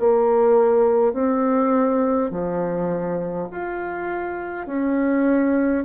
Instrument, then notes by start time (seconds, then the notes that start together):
bassoon
0.00 A#3
1.13 C4
2.31 F3
3.51 F4
4.67 C#4